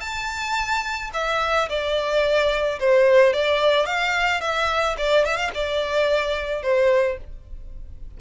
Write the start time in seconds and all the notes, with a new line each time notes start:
0.00 A5
1.13 E5
1.69 D5
2.79 C5
3.33 D5
3.86 F5
4.41 E5
4.97 D5
5.25 E5
5.36 F5
5.54 D5
6.62 C5